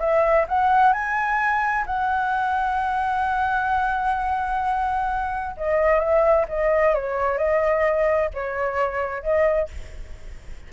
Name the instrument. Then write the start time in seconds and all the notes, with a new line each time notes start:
flute
0.00 E5
0.48 F#5
0.93 G#5
1.87 F#5
5.57 D#5
6.00 E5
6.48 D#5
6.94 C#5
7.38 D#5
8.34 C#5
9.23 D#5